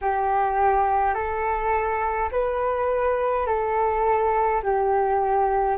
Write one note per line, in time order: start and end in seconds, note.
0.01 1.14 G4
1.14 2.29 A4
2.31 3.46 B4
3.46 4.62 A4
4.63 5.77 G4